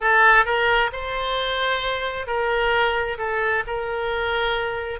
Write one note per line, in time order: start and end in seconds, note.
0.00 0.45 A4
0.45 0.90 A#4
0.92 2.26 C5
2.26 3.17 A#4
3.18 3.63 A4
3.66 4.99 A#4